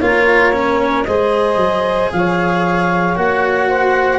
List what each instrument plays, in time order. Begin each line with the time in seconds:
0.00 tuba A#3, cello F4, saxophone A#4, clarinet C#5
0.53 cello C#4
1.04 tuba G#3, cello G#4, saxophone C5, clarinet D#5
1.57 tuba F#3
2.12 tuba F3, saxophone C#5, clarinet F5
3.16 tuba A#3, cello F#4, clarinet F#5
3.69 saxophone C5